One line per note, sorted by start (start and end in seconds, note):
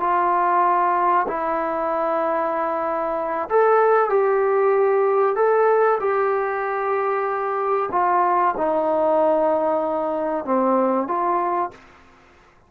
0.00 1.26 F4
1.27 3.49 E4
3.49 4.09 A4
4.09 5.35 G4
5.35 5.99 A4
6.00 7.89 G4
7.91 8.55 F4
8.57 10.45 D#4
10.45 11.08 C4
11.08 11.71 F4